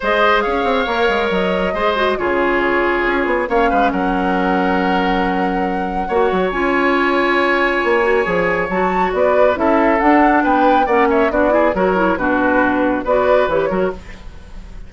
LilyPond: <<
  \new Staff \with { instrumentName = "flute" } { \time 4/4 \tempo 4 = 138 dis''4 f''2 dis''4~ | dis''4 cis''2. | f''4 fis''2.~ | fis''2. gis''4~ |
gis''1 | a''4 d''4 e''4 fis''4 | g''4 fis''8 e''8 d''4 cis''4 | b'2 d''4 cis''4 | }
  \new Staff \with { instrumentName = "oboe" } { \time 4/4 c''4 cis''2. | c''4 gis'2. | cis''8 b'8 ais'2.~ | ais'2 cis''2~ |
cis''1~ | cis''4 b'4 a'2 | b'4 d''8 cis''8 fis'8 gis'8 ais'4 | fis'2 b'4. ais'8 | }
  \new Staff \with { instrumentName = "clarinet" } { \time 4/4 gis'2 ais'2 | gis'8 fis'8 f'2. | cis'1~ | cis'2 fis'4 f'4~ |
f'2~ f'8 fis'8 gis'4 | fis'2 e'4 d'4~ | d'4 cis'4 d'8 e'8 fis'8 e'8 | d'2 fis'4 g'8 fis'8 | }
  \new Staff \with { instrumentName = "bassoon" } { \time 4/4 gis4 cis'8 c'8 ais8 gis8 fis4 | gis4 cis2 cis'8 b8 | ais8 gis8 fis2.~ | fis2 ais8 fis8 cis'4~ |
cis'2 ais4 f4 | fis4 b4 cis'4 d'4 | b4 ais4 b4 fis4 | b,2 b4 e8 fis8 | }
>>